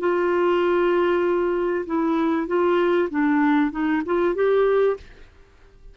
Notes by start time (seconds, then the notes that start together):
0.00 F4
1.86 E4
2.47 F4
3.10 D4
3.71 D#4
4.06 F4
4.35 G4